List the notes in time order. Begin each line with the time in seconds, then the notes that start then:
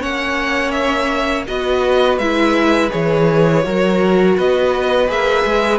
0.00 A#3 C#4 C#5 F#5
0.71 E5
1.47 B3 F#4 B4 D#5
2.18 G#3 E4 E5
2.90 E3 G#4 C#5
3.62 F#3 F#4 A#4
4.37 B3 B4 D#5
5.07 A#3 G#4 E5
5.45 G#3